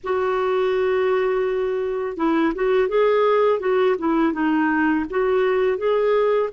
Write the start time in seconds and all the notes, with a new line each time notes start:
0.03 F#4
2.17 E4
2.55 F#4
2.88 G#4
3.59 F#4
3.98 E4
4.32 D#4
5.10 F#4
5.77 G#4